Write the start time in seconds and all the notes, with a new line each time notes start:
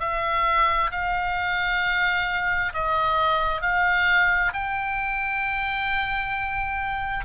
0.00 E5
0.91 F5
2.74 D#5
3.62 F5
4.53 G5